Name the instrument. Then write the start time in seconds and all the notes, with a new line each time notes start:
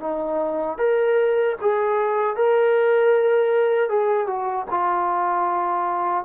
trombone
0.00 D#4
0.78 A#4
1.62 G#4
2.36 A#4
3.89 G#4
4.27 F#4
4.71 F4